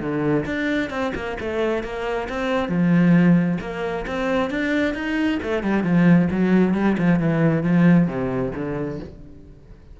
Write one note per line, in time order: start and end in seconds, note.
0.00 0.45 D3
0.45 0.90 D4
0.90 1.12 C4
1.15 1.37 A#3
1.40 1.83 A3
1.83 2.28 A#3
2.29 2.68 C4
2.68 3.58 F3
3.60 4.05 A#3
4.07 4.50 C4
4.50 4.94 D4
4.94 5.39 D#4
5.42 5.63 A3
5.63 5.83 G3
5.83 6.28 F3
6.31 6.74 F#3
6.74 6.96 G3
6.97 7.19 F3
7.19 7.63 E3
7.63 8.07 F3
8.07 8.52 C3
8.55 8.99 D3